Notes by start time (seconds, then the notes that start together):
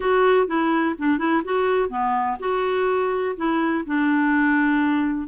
0.00 F#4
0.47 E4
0.98 D4
1.18 E4
1.44 F#4
1.89 B3
2.39 F#4
3.36 E4
3.86 D4